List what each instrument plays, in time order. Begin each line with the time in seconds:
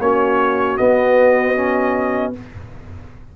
0.00 tuba A#3, trombone C#4, horn F#4, trumpet C#5
0.78 trombone B3, tuba B3, trumpet D#5
1.55 trombone C#4